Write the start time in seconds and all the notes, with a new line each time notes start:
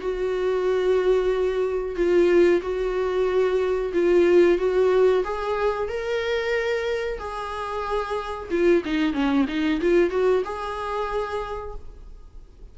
0.00 F#4
1.96 F4
2.62 F#4
3.93 F4
4.58 F#4
5.24 G#4
5.88 A#4
7.19 G#4
8.50 F4
8.85 D#4
9.13 C#4
9.48 D#4
9.81 F4
10.10 F#4
10.45 G#4